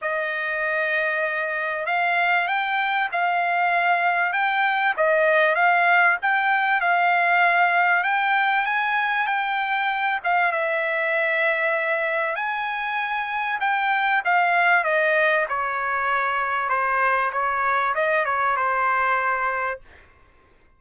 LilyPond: \new Staff \with { instrumentName = "trumpet" } { \time 4/4 \tempo 4 = 97 dis''2. f''4 | g''4 f''2 g''4 | dis''4 f''4 g''4 f''4~ | f''4 g''4 gis''4 g''4~ |
g''8 f''8 e''2. | gis''2 g''4 f''4 | dis''4 cis''2 c''4 | cis''4 dis''8 cis''8 c''2 | }